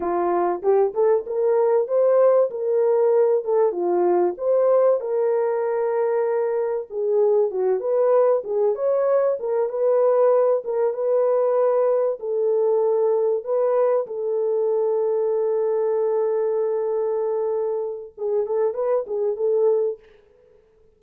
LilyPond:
\new Staff \with { instrumentName = "horn" } { \time 4/4 \tempo 4 = 96 f'4 g'8 a'8 ais'4 c''4 | ais'4. a'8 f'4 c''4 | ais'2. gis'4 | fis'8 b'4 gis'8 cis''4 ais'8 b'8~ |
b'4 ais'8 b'2 a'8~ | a'4. b'4 a'4.~ | a'1~ | a'4 gis'8 a'8 b'8 gis'8 a'4 | }